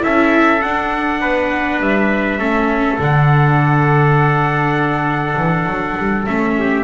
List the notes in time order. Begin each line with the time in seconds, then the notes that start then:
0.00 C#4 E4 A4 E5
0.62 D4 F#5
1.21 B3 B4
1.80 G3 E5
2.39 A3 C#4 A4
2.99 D3 D4 F#5
5.37 E3
5.66 F#3
5.98 G3
6.25 A3 C#4 E5
6.59 G4